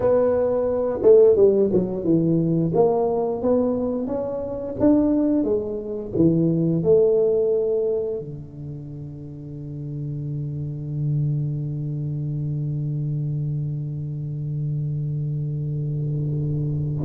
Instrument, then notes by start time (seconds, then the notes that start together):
tuba
0.00 B3
1.02 A3
1.35 G3
1.72 F#3
2.04 E3
2.74 A#3
3.42 B3
4.07 C#4
4.79 D4
5.44 G#3
6.15 E3
6.83 A3
8.19 D3